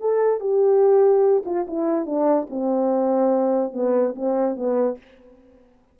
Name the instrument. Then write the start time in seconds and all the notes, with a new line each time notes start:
horn
0.00 A4
0.40 G4
1.45 F4
1.67 E4
2.06 D4
2.50 C4
3.73 B3
4.15 C4
4.56 B3